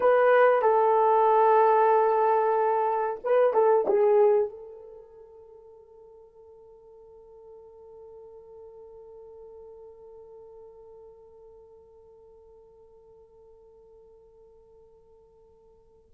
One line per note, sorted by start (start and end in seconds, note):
0.00 0.62 B4
0.62 3.20 A4
3.23 3.53 B4
3.53 3.85 A4
3.87 4.49 G#4
4.49 16.11 A4